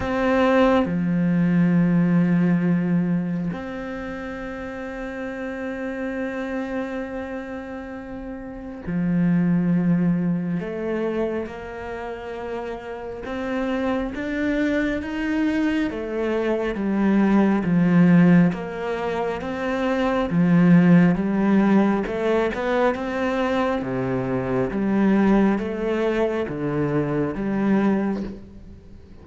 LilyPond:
\new Staff \with { instrumentName = "cello" } { \time 4/4 \tempo 4 = 68 c'4 f2. | c'1~ | c'2 f2 | a4 ais2 c'4 |
d'4 dis'4 a4 g4 | f4 ais4 c'4 f4 | g4 a8 b8 c'4 c4 | g4 a4 d4 g4 | }